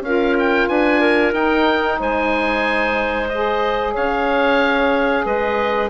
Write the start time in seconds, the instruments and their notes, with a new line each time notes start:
0.00 bassoon C#4, saxophone F4, clarinet A#4, oboe F5
0.39 oboe G5
0.68 bassoon D4, clarinet B4, oboe G#5
1.00 clarinet A#4
1.32 bassoon D#4, saxophone D#4, oboe G5
1.99 bassoon G#3, clarinet C5, oboe G#5
3.28 saxophone G#4, oboe D#5
3.93 bassoon C#4, clarinet C#5, oboe F5
5.24 bassoon G#3, clarinet B4, oboe D#5